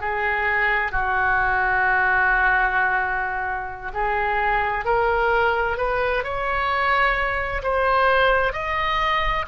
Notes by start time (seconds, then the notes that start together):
0.00 G#4
0.91 F#4
3.93 G#4
4.85 A#4
5.77 B4
6.23 C#5
7.62 C5
8.53 D#5